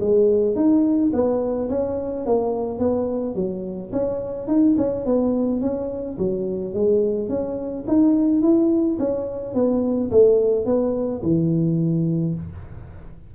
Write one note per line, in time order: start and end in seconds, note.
0.00 0.55 G#3
0.55 1.11 D#4
1.13 1.69 B3
1.69 2.26 C#4
2.26 2.79 A#3
2.79 3.35 B3
3.35 3.91 F#3
3.92 4.47 C#4
4.47 4.75 D#4
4.77 5.05 C#4
5.05 5.61 B3
5.61 6.17 C#4
6.18 6.74 F#3
6.74 7.29 G#3
7.29 7.85 C#4
7.87 8.42 D#4
8.42 8.98 E4
8.99 9.54 C#4
9.54 10.10 B3
10.11 10.65 A3
10.65 11.21 B3
11.23 12.35 E3